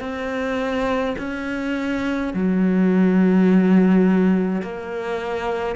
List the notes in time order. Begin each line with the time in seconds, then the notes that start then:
0.00 C4
1.18 C#4
2.33 F#3
4.62 A#3